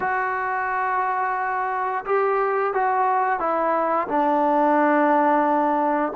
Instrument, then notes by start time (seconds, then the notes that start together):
trombone
0.00 F#4
2.05 G4
2.73 F#4
3.39 E4
4.08 D4